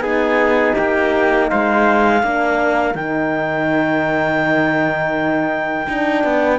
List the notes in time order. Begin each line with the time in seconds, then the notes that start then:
0.00 B3 D#4 G#4 G#5
0.75 A#3 G4 G5
1.49 G#3 C5 F5
2.22 A#3 D4 A#4
2.95 D#3 D#4 G5
5.89 D4 D#4
6.24 B3